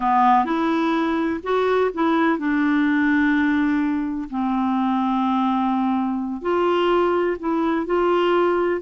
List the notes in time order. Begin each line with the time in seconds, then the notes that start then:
0.00 B3
0.45 E4
1.43 F#4
1.94 E4
2.38 D4
4.29 C4
6.41 F4
7.39 E4
7.86 F4